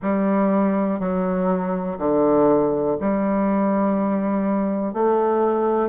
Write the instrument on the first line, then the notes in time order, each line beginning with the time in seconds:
bassoon
0.01 G3
0.99 F#3
1.98 D3
3.00 G3
4.93 A3